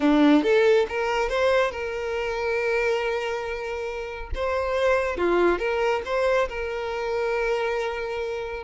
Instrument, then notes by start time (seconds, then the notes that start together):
violin
0.00 D4
0.43 A4
0.88 A#4
1.29 C5
1.71 A#4
4.35 C5
5.17 F4
5.59 A#4
6.05 C5
6.48 A#4